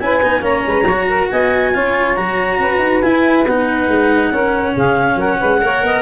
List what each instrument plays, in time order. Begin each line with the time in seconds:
0.00 tuba C#4, cello E4, saxophone B4, clarinet G#5
0.23 tuba B3, cello D#4
0.42 tuba A#3, cello C#4, saxophone C#5, clarinet A#5
0.67 tuba G#3, saxophone B4
0.83 tuba F#3, saxophone C#5
0.91 cello F#4
1.09 saxophone A#4
1.31 tuba B3, saxophone D#5, clarinet G#5
1.74 tuba C#4, cello F4, saxophone C#5
2.16 tuba F#3, cello F#4, clarinet A#5
2.60 tuba C#4, saxophone B4
2.79 tuba D#4
3.02 cello E4, tuba E4, clarinet G#5
3.46 tuba B3, cello D#4, clarinet F#5
3.89 tuba G#3
4.32 tuba C#4, cello C#4, saxophone A#4
4.74 tuba C#3, saxophone G#4, clarinet F5
5.16 tuba F#3, saxophone A#4, clarinet F#5
5.40 tuba G#3, saxophone B4
5.62 tuba A#3, cello A#4, saxophone C#5
5.83 tuba B3, saxophone D#5